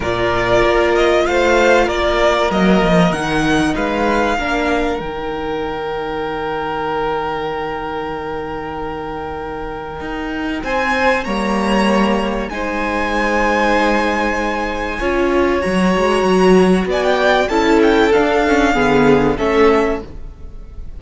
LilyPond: <<
  \new Staff \with { instrumentName = "violin" } { \time 4/4 \tempo 4 = 96 d''4. dis''8 f''4 d''4 | dis''4 fis''4 f''2 | g''1~ | g''1~ |
g''4 gis''4 ais''2 | gis''1~ | gis''4 ais''2 gis''16 g''8. | a''8 g''8 f''2 e''4 | }
  \new Staff \with { instrumentName = "violin" } { \time 4/4 ais'2 c''4 ais'4~ | ais'2 b'4 ais'4~ | ais'1~ | ais'1~ |
ais'4 c''4 cis''2 | c''1 | cis''2. d''4 | a'2 gis'4 a'4 | }
  \new Staff \with { instrumentName = "viola" } { \time 4/4 f'1 | ais4 dis'2 d'4 | dis'1~ | dis'1~ |
dis'2 ais2 | dis'1 | f'4 fis'2. | e'4 d'8 cis'8 b4 cis'4 | }
  \new Staff \with { instrumentName = "cello" } { \time 4/4 ais,4 ais4 a4 ais4 | fis8 f8 dis4 gis4 ais4 | dis1~ | dis1 |
dis'4 c'4 g2 | gis1 | cis'4 fis8 gis8 fis4 b4 | cis'4 d'4 d4 a4 | }
>>